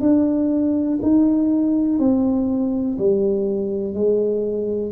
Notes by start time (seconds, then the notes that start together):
0.00 D4
1.02 D#4
1.99 C4
2.98 G3
3.94 G#3